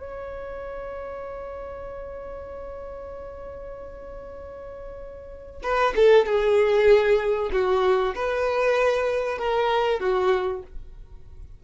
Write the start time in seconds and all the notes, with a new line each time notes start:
0.00 C#5
5.63 B4
5.97 A4
6.26 G#4
7.53 F#4
8.16 B4
9.39 A#4
10.01 F#4